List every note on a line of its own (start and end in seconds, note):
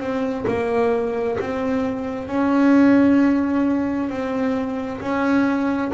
0.00 0.45 C4
0.48 1.38 A#3
1.40 2.28 C4
2.28 4.10 C#4
4.10 5.00 C4
5.01 5.92 C#4